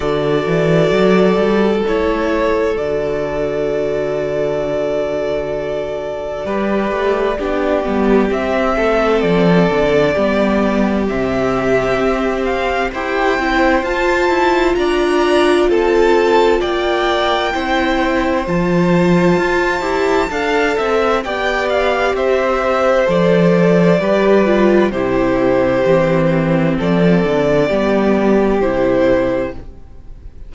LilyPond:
<<
  \new Staff \with { instrumentName = "violin" } { \time 4/4 \tempo 4 = 65 d''2 cis''4 d''4~ | d''1~ | d''4 e''4 d''2 | e''4. f''8 g''4 a''4 |
ais''4 a''4 g''2 | a''2. g''8 f''8 | e''4 d''2 c''4~ | c''4 d''2 c''4 | }
  \new Staff \with { instrumentName = "violin" } { \time 4/4 a'1~ | a'2. b'4 | g'4. a'4. g'4~ | g'2 c''2 |
d''4 a'4 d''4 c''4~ | c''2 f''8 e''8 d''4 | c''2 b'4 g'4~ | g'4 a'4 g'2 | }
  \new Staff \with { instrumentName = "viola" } { \time 4/4 fis'2 e'4 fis'4~ | fis'2. g'4 | d'8 b8 c'2 b4 | c'2 g'8 e'8 f'4~ |
f'2. e'4 | f'4. g'8 a'4 g'4~ | g'4 a'4 g'8 f'8 e'4 | c'2 b4 e'4 | }
  \new Staff \with { instrumentName = "cello" } { \time 4/4 d8 e8 fis8 g8 a4 d4~ | d2. g8 a8 | b8 g8 c'8 a8 f8 d8 g4 | c4 c'4 e'8 c'8 f'8 e'8 |
d'4 c'4 ais4 c'4 | f4 f'8 e'8 d'8 c'8 b4 | c'4 f4 g4 c4 | e4 f8 d8 g4 c4 | }
>>